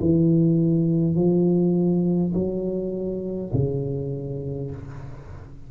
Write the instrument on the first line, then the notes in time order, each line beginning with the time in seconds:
tuba
0.00 E3
1.15 F3
2.34 F#3
3.53 C#3